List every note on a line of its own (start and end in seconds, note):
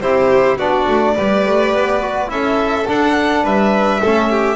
0.00 0.57 C4
0.00 0.59 E4
0.00 0.58 G4
0.00 0.57 C5
0.57 0.86 B3
0.57 1.17 D4
0.57 1.14 F#4
0.57 2.30 D5
0.87 1.16 A3
1.14 1.46 G3
1.14 2.01 G4
1.14 2.29 B4
1.46 1.74 A3
1.74 2.29 B3
2.01 2.27 F#4
2.27 2.86 C#4
2.27 2.84 E4
2.27 3.43 A4
2.27 2.87 E5
2.87 4.01 D4
2.87 3.43 D4
2.87 3.45 F#5
3.43 4.01 G3
3.43 4.00 B4
3.43 4.56 E5
4.00 4.56 A3
4.00 4.56 C#4
4.00 4.29 A4
4.30 4.56 G4